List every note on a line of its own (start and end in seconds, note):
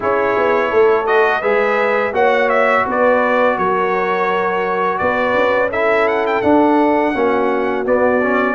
0.00 0.37 C#4
0.00 1.05 E4
0.00 0.69 G#4
0.00 1.06 C#5
0.37 0.72 B3
0.69 1.43 A3
0.69 1.41 A4
1.06 1.42 F#4
1.06 1.41 D#5
1.41 2.12 G#3
1.41 2.13 G#4
1.41 2.12 B4
1.41 2.12 E5
2.12 2.84 A#3
2.12 5.70 F#4
2.12 2.85 C#5
2.12 2.49 F#5
2.49 2.85 E5
2.86 3.57 B3
2.86 3.57 B4
2.86 3.58 D5
3.57 5.00 F#3
3.57 5.00 A#4
3.57 4.97 C#5
4.97 5.34 B3
4.97 5.70 B4
4.97 5.69 D5
5.34 6.41 C#4
5.70 6.43 E4
5.70 7.13 A4
5.70 6.07 E5
6.07 6.25 F#5
6.26 6.41 G5
6.41 7.14 D4
6.41 7.13 D4
6.41 7.84 F#5
7.13 7.85 A#3
7.13 7.85 C#4
7.13 8.55 F#4
7.85 8.21 B3
7.85 8.55 B3
7.85 8.55 D5
8.22 8.55 C#4